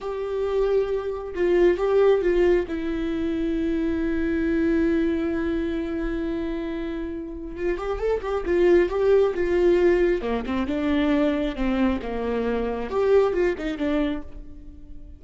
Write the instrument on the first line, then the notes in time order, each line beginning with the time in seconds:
viola
0.00 G4
1.34 F4
1.77 G4
2.21 F4
2.67 E4
7.56 F4
7.78 G4
7.98 A4
8.21 G4
8.45 F4
8.89 G4
9.34 F4
10.21 A#3
10.45 C4
10.66 D4
11.55 C4
12.02 A#3
12.90 G4
13.33 F4
13.58 D#4
13.77 D4